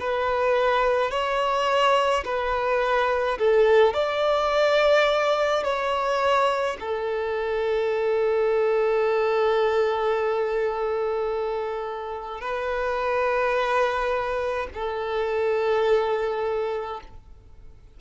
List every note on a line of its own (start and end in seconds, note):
0.00 1.11 B4
1.11 2.24 C#5
2.25 3.38 B4
3.39 3.94 A4
3.94 5.63 D5
5.63 6.77 C#5
6.80 12.41 A4
12.41 14.68 B4
14.74 17.00 A4